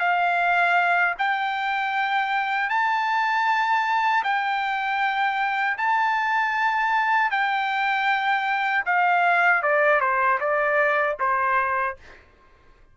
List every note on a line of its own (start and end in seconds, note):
0.00 1.15 F5
1.19 2.70 G5
2.70 4.24 A5
4.24 5.78 G5
5.78 7.31 A5
7.31 8.85 G5
8.86 9.63 F5
9.63 10.01 D5
10.01 10.39 C5
10.41 11.17 D5
11.20 11.97 C5